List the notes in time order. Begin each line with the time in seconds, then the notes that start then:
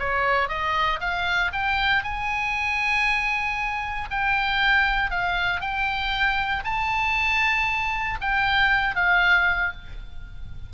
0.00 C#5
0.49 D#5
1.01 F5
1.53 G5
2.04 G#5
4.11 G5
5.11 F5
5.61 G5
6.65 A5
8.21 G5
8.96 F5